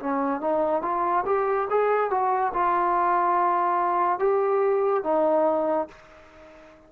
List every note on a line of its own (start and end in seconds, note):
0.00 0.41 C#4
0.41 0.83 D#4
0.83 1.25 F4
1.26 1.69 G4
1.71 2.11 G#4
2.11 2.53 F#4
2.54 4.20 F4
4.20 5.04 G4
5.04 5.88 D#4